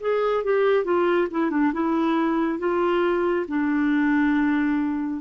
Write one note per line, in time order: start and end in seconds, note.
0.00 0.43 G#4
0.43 0.84 G4
0.84 1.28 F4
1.30 1.50 E4
1.50 1.72 D4
1.73 2.58 E4
2.58 3.45 F4
3.48 5.21 D4